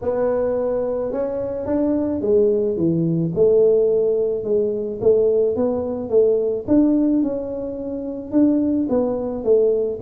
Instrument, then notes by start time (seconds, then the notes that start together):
tuba
0.01 B3
1.12 C#4
1.66 D4
2.21 G#3
2.76 E3
3.35 A3
4.44 G#3
5.01 A3
5.56 B3
6.09 A3
6.67 D4
7.22 C#4
8.31 D4
8.89 B3
9.43 A3